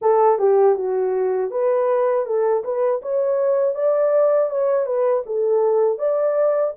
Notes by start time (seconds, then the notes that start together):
0.01 A4
0.39 G4
0.75 F#4
1.50 B4
2.25 A4
2.64 B4
3.01 C#5
3.75 D5
4.50 C#5
4.85 B4
5.25 A4
5.98 D5